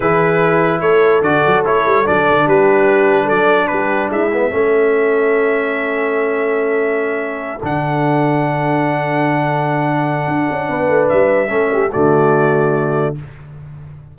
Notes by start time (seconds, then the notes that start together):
0.00 E3 E4 G#4 B4
0.80 A3 A4 C#5
1.21 D3 F#4 D5
1.46 F#3
1.64 A3 E4 C#5
1.85 G3
2.04 F#3 D4 D5
2.30 D3
2.46 G3 G4 B4
3.24 F#3 A4 D5
3.67 G3 B4
3.74 G4
4.09 G#3 E4 E5
4.33 B3
4.50 A3 C#4 A4
7.62 D3 D4 F#5
10.27 D4
10.50 C#4
10.68 B3 B4
10.88 A3
11.08 G3 E5
11.48 A3 C#4 A4
11.73 G4
11.92 D3 A3 F#4 D5